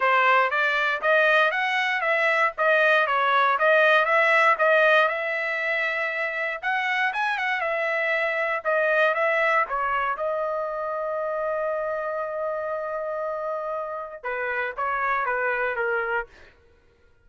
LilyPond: \new Staff \with { instrumentName = "trumpet" } { \time 4/4 \tempo 4 = 118 c''4 d''4 dis''4 fis''4 | e''4 dis''4 cis''4 dis''4 | e''4 dis''4 e''2~ | e''4 fis''4 gis''8 fis''8 e''4~ |
e''4 dis''4 e''4 cis''4 | dis''1~ | dis''1 | b'4 cis''4 b'4 ais'4 | }